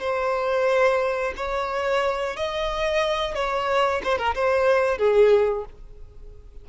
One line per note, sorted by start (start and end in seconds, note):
0.00 1.33 C5
1.36 2.36 C#5
2.36 3.35 D#5
3.35 4.01 C#5
4.03 4.18 C5
4.18 4.34 A#4
4.35 4.98 C5
4.98 5.65 G#4